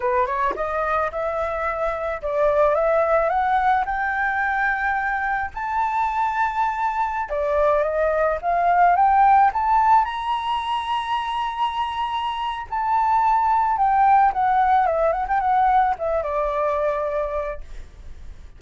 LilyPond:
\new Staff \with { instrumentName = "flute" } { \time 4/4 \tempo 4 = 109 b'8 cis''8 dis''4 e''2 | d''4 e''4 fis''4 g''4~ | g''2 a''2~ | a''4~ a''16 d''4 dis''4 f''8.~ |
f''16 g''4 a''4 ais''4.~ ais''16~ | ais''2. a''4~ | a''4 g''4 fis''4 e''8 fis''16 g''16 | fis''4 e''8 d''2~ d''8 | }